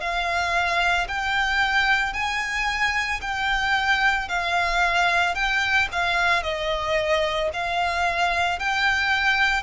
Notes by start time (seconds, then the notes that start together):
0.00 F5
1.08 G5
2.13 G#5
3.21 G5
4.28 F5
5.34 G5
5.92 F5
6.43 D#5
7.53 F5
8.59 G5